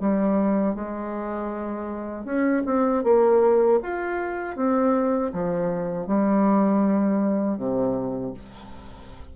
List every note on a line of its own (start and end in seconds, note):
0.00 0.75 G3
0.75 2.25 G#3
2.25 2.63 C#4
2.65 3.03 C4
3.04 3.80 A#3
3.83 4.56 F4
4.56 5.32 C4
5.33 6.07 F3
6.07 7.57 G3
7.57 8.33 C3